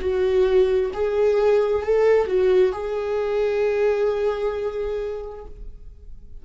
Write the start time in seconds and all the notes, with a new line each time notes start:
0.00 F#4
0.93 G#4
1.83 A4
2.27 F#4
2.72 G#4